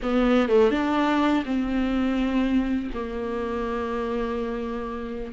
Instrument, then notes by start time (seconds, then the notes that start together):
viola
0.02 B3
0.48 A3
0.71 D4
1.45 C4
2.94 A#3